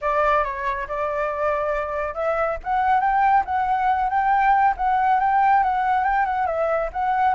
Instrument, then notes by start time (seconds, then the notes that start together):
flute
0.01 D5
0.44 C#5
0.88 D5
2.14 E5
2.63 F#5
3.00 G5
3.45 F#5
4.09 G5
4.76 F#5
5.20 G5
5.63 F#5
6.04 G5
6.25 F#5
6.46 E5
6.92 F#5